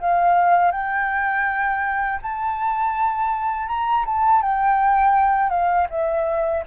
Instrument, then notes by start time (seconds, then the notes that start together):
flute
0.00 F5
0.72 G5
2.23 A5
3.68 A#5
4.06 A5
4.42 G5
5.50 F5
5.90 E5